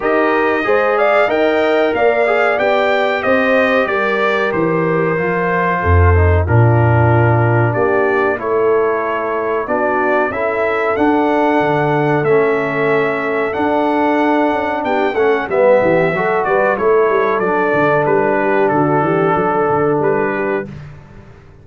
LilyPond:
<<
  \new Staff \with { instrumentName = "trumpet" } { \time 4/4 \tempo 4 = 93 dis''4. f''8 g''4 f''4 | g''4 dis''4 d''4 c''4~ | c''2 ais'2 | d''4 cis''2 d''4 |
e''4 fis''2 e''4~ | e''4 fis''2 g''8 fis''8 | e''4. d''8 cis''4 d''4 | b'4 a'2 b'4 | }
  \new Staff \with { instrumentName = "horn" } { \time 4/4 ais'4 c''8 d''8 dis''4 d''4~ | d''4 c''4 ais'2~ | ais'4 a'4 f'2 | g'4 a'2 fis'4 |
a'1~ | a'2. g'8 a'8 | b'8 g'8 a'8 b'8 a'2~ | a'8 g'8 fis'8 g'8 a'4. g'8 | }
  \new Staff \with { instrumentName = "trombone" } { \time 4/4 g'4 gis'4 ais'4. gis'8 | g'1 | f'4. dis'8 d'2~ | d'4 e'2 d'4 |
e'4 d'2 cis'4~ | cis'4 d'2~ d'8 cis'8 | b4 fis'4 e'4 d'4~ | d'1 | }
  \new Staff \with { instrumentName = "tuba" } { \time 4/4 dis'4 gis4 dis'4 ais4 | b4 c'4 g4 e4 | f4 f,4 ais,2 | ais4 a2 b4 |
cis'4 d'4 d4 a4~ | a4 d'4. cis'8 b8 a8 | g8 e8 fis8 g8 a8 g8 fis8 d8 | g4 d8 e8 fis8 d8 g4 | }
>>